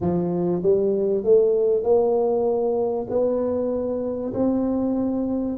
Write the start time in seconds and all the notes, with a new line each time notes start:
0.00 F3
0.62 G3
1.23 A3
1.83 A#3
3.09 B3
4.33 C4